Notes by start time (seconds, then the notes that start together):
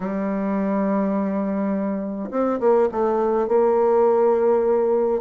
0.00 G3
2.30 C4
2.60 A#3
2.91 A3
3.48 A#3